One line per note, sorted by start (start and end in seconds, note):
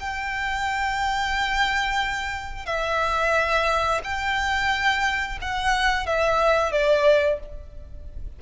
0.00 2.66 G5
2.66 4.01 E5
4.04 5.39 G5
5.41 6.06 F#5
6.06 6.72 E5
6.72 7.39 D5